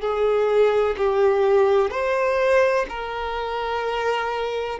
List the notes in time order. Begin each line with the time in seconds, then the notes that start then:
0.00 G#4
0.97 G4
1.90 C5
2.89 A#4